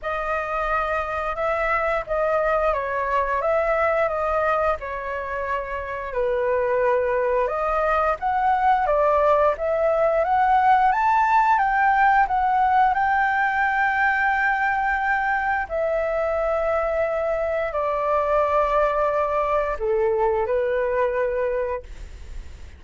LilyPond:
\new Staff \with { instrumentName = "flute" } { \time 4/4 \tempo 4 = 88 dis''2 e''4 dis''4 | cis''4 e''4 dis''4 cis''4~ | cis''4 b'2 dis''4 | fis''4 d''4 e''4 fis''4 |
a''4 g''4 fis''4 g''4~ | g''2. e''4~ | e''2 d''2~ | d''4 a'4 b'2 | }